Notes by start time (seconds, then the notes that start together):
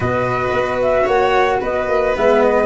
0.00 B2 F#4 B4 D#5
0.52 B3
0.81 E5
1.03 A#3 C#5 F#5
1.60 B3 B4 D#5
1.88 A#3
2.15 G#3 B3 E5
2.42 D#5